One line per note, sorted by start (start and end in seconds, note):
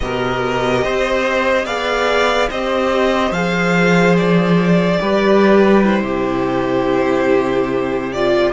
0.00 0.84 B2
0.00 1.66 G4
0.00 0.84 A#4
0.00 1.65 D#5
0.84 1.65 C4
0.84 1.65 C5
1.65 2.48 B3
1.65 2.49 G#4
1.65 2.48 D5
1.65 2.49 F5
2.49 3.31 C4
2.49 3.34 G4
2.49 4.99 C5
2.49 3.32 D#5
3.31 4.98 F3
3.31 5.00 G#4
3.31 4.15 F5
4.16 5.83 D5
5.00 6.02 G3
5.00 5.83 G4
5.00 6.02 B4
5.83 8.12 E4
5.83 8.12 C5
6.02 8.52 C3
6.02 8.52 G4
8.12 8.52 F4
8.12 8.52 D5